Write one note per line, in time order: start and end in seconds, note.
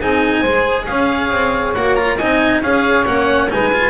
0.00 0.43 C4
0.00 0.45 D#4
0.00 0.40 G#4
0.00 0.87 G#5
0.40 0.87 G#3
0.40 1.76 G#4
0.40 0.84 C5
0.87 1.31 C#4
0.87 2.17 C#5
0.87 1.74 F5
1.31 1.75 C4
1.75 2.19 A#3
1.75 1.97 F#4
1.75 1.95 F#5
1.95 2.19 F4
1.95 2.17 A#5
2.17 2.62 C4
2.17 2.64 D#4
2.17 2.61 D#5
2.17 2.62 G#5
2.62 3.06 C#4
2.62 3.05 G#4
2.62 3.51 C#5
2.62 3.06 F5
3.05 3.51 A#3
3.05 3.49 C#4
3.05 3.50 F#5
3.50 3.90 G#3
3.50 3.72 D#4
3.50 3.90 B4
3.50 3.90 G#5
3.74 3.90 F4